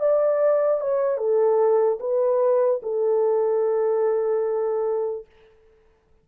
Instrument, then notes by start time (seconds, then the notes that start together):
horn
0.00 D5
0.80 C#5
1.18 A4
2.00 B4
2.83 A4